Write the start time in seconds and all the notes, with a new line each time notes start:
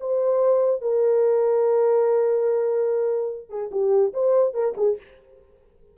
0.00 C5
0.81 A#4
3.49 G#4
3.71 G4
4.13 C5
4.54 A#4
4.77 G#4